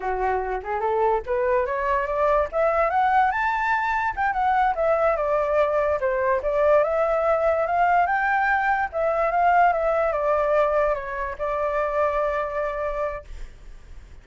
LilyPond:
\new Staff \with { instrumentName = "flute" } { \time 4/4 \tempo 4 = 145 fis'4. gis'8 a'4 b'4 | cis''4 d''4 e''4 fis''4 | a''2 g''8 fis''4 e''8~ | e''8 d''2 c''4 d''8~ |
d''8 e''2 f''4 g''8~ | g''4. e''4 f''4 e''8~ | e''8 d''2 cis''4 d''8~ | d''1 | }